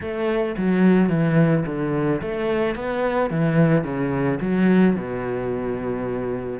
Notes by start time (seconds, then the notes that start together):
0.00 A3
0.57 F#3
1.09 E3
1.66 D3
2.21 A3
2.75 B3
3.30 E3
3.84 C#3
4.40 F#3
4.96 B2